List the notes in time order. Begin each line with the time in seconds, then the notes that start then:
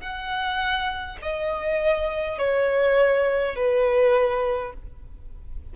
0.00 F#5
1.22 D#5
2.38 C#5
3.55 B4